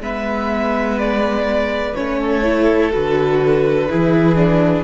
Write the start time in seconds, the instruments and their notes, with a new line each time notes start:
0.00 cello G#3, viola B3, violin B4 E5
0.99 violin D5
1.95 cello A3, viola C#4, violin C#5
2.20 violin A4
2.43 viola E4
2.91 cello D3, viola F#4, violin B4
3.89 cello E3, viola E4, violin G#4
4.35 viola D4